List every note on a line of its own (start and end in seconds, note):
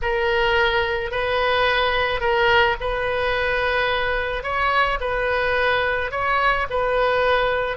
0.02 1.11 A#4
1.11 2.20 B4
2.20 2.76 A#4
2.80 4.43 B4
4.43 4.98 C#5
5.00 6.11 B4
6.11 6.67 C#5
6.70 7.77 B4